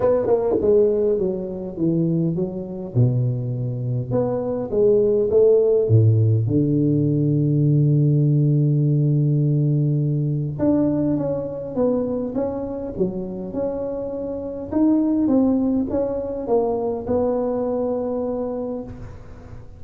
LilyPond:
\new Staff \with { instrumentName = "tuba" } { \time 4/4 \tempo 4 = 102 b8 ais8 gis4 fis4 e4 | fis4 b,2 b4 | gis4 a4 a,4 d4~ | d1~ |
d2 d'4 cis'4 | b4 cis'4 fis4 cis'4~ | cis'4 dis'4 c'4 cis'4 | ais4 b2. | }